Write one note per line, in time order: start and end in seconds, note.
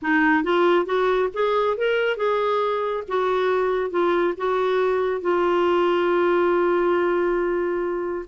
0.02 0.43 D#4
0.43 0.85 F4
0.85 1.28 F#4
1.33 1.77 G#4
1.77 2.16 A#4
2.16 3.03 G#4
3.08 3.90 F#4
3.90 4.34 F4
4.37 5.21 F#4
5.21 8.25 F4